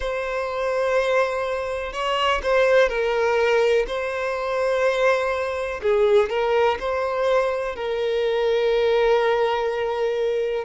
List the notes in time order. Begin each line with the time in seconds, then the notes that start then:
0.00 C5
1.93 C#5
2.42 C5
2.89 A#4
3.87 C5
5.82 G#4
6.29 A#4
6.79 C5
7.75 A#4